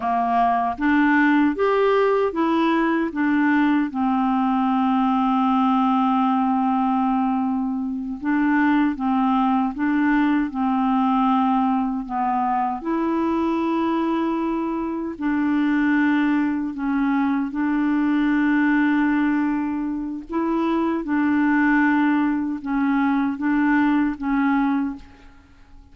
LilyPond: \new Staff \with { instrumentName = "clarinet" } { \time 4/4 \tempo 4 = 77 ais4 d'4 g'4 e'4 | d'4 c'2.~ | c'2~ c'8 d'4 c'8~ | c'8 d'4 c'2 b8~ |
b8 e'2. d'8~ | d'4. cis'4 d'4.~ | d'2 e'4 d'4~ | d'4 cis'4 d'4 cis'4 | }